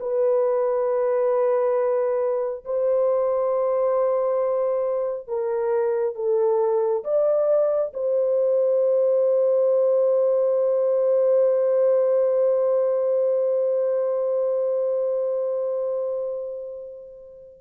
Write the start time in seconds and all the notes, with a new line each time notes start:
0.00 B4
2.65 C5
5.28 A#4
6.16 A4
7.04 D5
7.94 C5